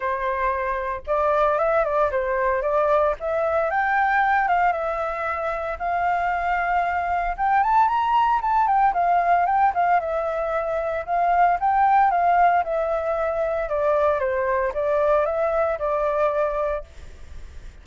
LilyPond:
\new Staff \with { instrumentName = "flute" } { \time 4/4 \tempo 4 = 114 c''2 d''4 e''8 d''8 | c''4 d''4 e''4 g''4~ | g''8 f''8 e''2 f''4~ | f''2 g''8 a''8 ais''4 |
a''8 g''8 f''4 g''8 f''8 e''4~ | e''4 f''4 g''4 f''4 | e''2 d''4 c''4 | d''4 e''4 d''2 | }